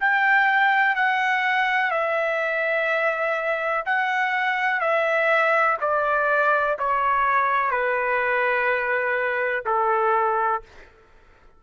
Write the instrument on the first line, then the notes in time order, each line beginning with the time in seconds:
trumpet
0.00 G5
0.95 F#5
1.91 E5
3.86 F#5
4.80 E5
5.81 D5
6.79 C#5
7.71 B4
9.66 A4